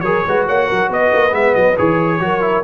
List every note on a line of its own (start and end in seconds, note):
0.00 0.23 F#3
0.00 0.27 G#4
0.00 0.26 A#4
0.00 0.43 C#5
0.27 0.48 G#3
0.27 1.30 F#4
0.27 0.47 B4
0.47 0.70 A#3
0.47 0.67 C#5
0.47 0.91 F#5
0.67 0.89 F#3
0.67 0.88 A#4
0.89 1.11 B3
0.89 2.21 B4
0.89 1.34 D#5
1.13 1.32 A#3
1.30 1.53 G#3
1.30 1.74 B3
1.30 1.54 E5
1.54 1.77 F#3
1.54 1.76 D#5
1.77 2.20 E3
1.77 2.19 G#4
1.77 2.64 C#5
2.19 2.63 F#3
2.19 2.41 F#4
2.19 2.64 A#4
2.41 2.63 E4